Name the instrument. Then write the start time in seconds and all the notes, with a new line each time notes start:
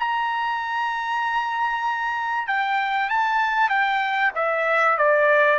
trumpet
0.00 A#5
2.48 G5
3.10 A5
3.70 G5
4.36 E5
4.98 D5